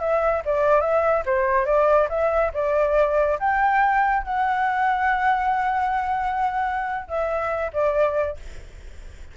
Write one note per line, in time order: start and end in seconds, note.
0.00 0.42 E5
0.45 0.81 D5
0.81 1.23 E5
1.25 1.66 C5
1.66 2.08 D5
2.09 2.51 E5
2.54 3.38 D5
3.39 4.23 G5
4.23 7.08 F#5
7.08 7.71 E5
7.73 8.36 D5